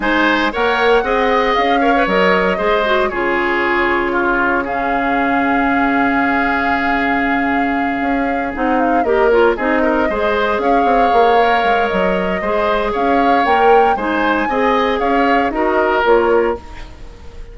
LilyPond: <<
  \new Staff \with { instrumentName = "flute" } { \time 4/4 \tempo 4 = 116 gis''4 fis''2 f''4 | dis''2 cis''2~ | cis''4 f''2.~ | f''1~ |
f''8 fis''8 f''8 dis''8 cis''8 dis''4.~ | dis''8 f''2~ f''8 dis''4~ | dis''4 f''4 g''4 gis''4~ | gis''4 f''4 dis''4 cis''4 | }
  \new Staff \with { instrumentName = "oboe" } { \time 4/4 c''4 cis''4 dis''4. cis''8~ | cis''4 c''4 gis'2 | f'4 gis'2.~ | gis'1~ |
gis'4. ais'4 gis'8 ais'8 c''8~ | c''8 cis''2.~ cis''8 | c''4 cis''2 c''4 | dis''4 cis''4 ais'2 | }
  \new Staff \with { instrumentName = "clarinet" } { \time 4/4 dis'4 ais'4 gis'4. ais'16 b'16 | ais'4 gis'8 fis'8 f'2~ | f'4 cis'2.~ | cis'1~ |
cis'8 dis'4 g'8 f'8 dis'4 gis'8~ | gis'2 ais'2 | gis'2 ais'4 dis'4 | gis'2 fis'4 f'4 | }
  \new Staff \with { instrumentName = "bassoon" } { \time 4/4 gis4 ais4 c'4 cis'4 | fis4 gis4 cis2~ | cis1~ | cis2.~ cis8 cis'8~ |
cis'8 c'4 ais4 c'4 gis8~ | gis8 cis'8 c'8 ais4 gis8 fis4 | gis4 cis'4 ais4 gis4 | c'4 cis'4 dis'4 ais4 | }
>>